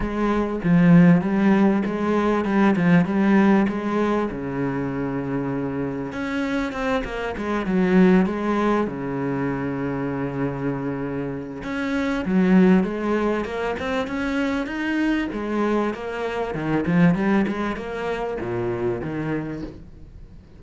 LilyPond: \new Staff \with { instrumentName = "cello" } { \time 4/4 \tempo 4 = 98 gis4 f4 g4 gis4 | g8 f8 g4 gis4 cis4~ | cis2 cis'4 c'8 ais8 | gis8 fis4 gis4 cis4.~ |
cis2. cis'4 | fis4 gis4 ais8 c'8 cis'4 | dis'4 gis4 ais4 dis8 f8 | g8 gis8 ais4 ais,4 dis4 | }